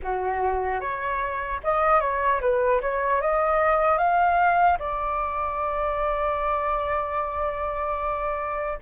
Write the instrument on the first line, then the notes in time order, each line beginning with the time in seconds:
flute
0.02 F#4
0.80 C#5
1.63 D#5
2.00 C#5
2.40 B4
2.81 C#5
3.21 D#5
3.98 F5
4.79 D5